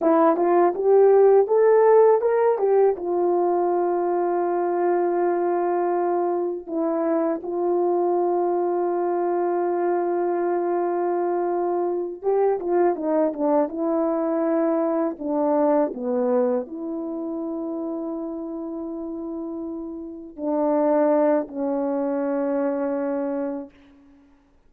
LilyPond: \new Staff \with { instrumentName = "horn" } { \time 4/4 \tempo 4 = 81 e'8 f'8 g'4 a'4 ais'8 g'8 | f'1~ | f'4 e'4 f'2~ | f'1~ |
f'8 g'8 f'8 dis'8 d'8 e'4.~ | e'8 d'4 b4 e'4.~ | e'2.~ e'8 d'8~ | d'4 cis'2. | }